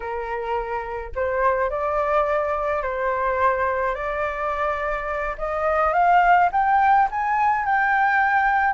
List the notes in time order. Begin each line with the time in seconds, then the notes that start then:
0.00 A#4
1.15 C5
1.70 D5
2.82 C5
3.94 D5
5.38 D#5
5.93 F5
6.52 G5
7.10 G#5
7.65 G5